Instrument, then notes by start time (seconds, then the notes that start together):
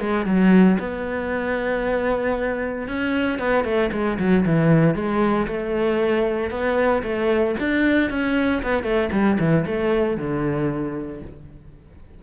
cello
0.00 G#3
0.26 F#3
0.79 B3
2.88 C#4
3.39 B3
3.64 A3
3.92 G#3
4.19 F#3
4.45 E3
4.95 G#3
5.47 A3
6.50 B3
7.03 A3
7.60 D4
8.10 C#4
8.63 B3
8.83 A3
9.12 G3
9.39 E3
9.66 A3
10.17 D3